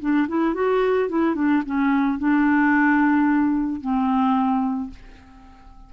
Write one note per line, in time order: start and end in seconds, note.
0.00 0.27 D4
0.28 0.54 E4
0.54 1.09 F#4
1.09 1.35 E4
1.35 1.62 D4
1.65 2.18 C#4
2.18 3.81 D4
3.81 4.90 C4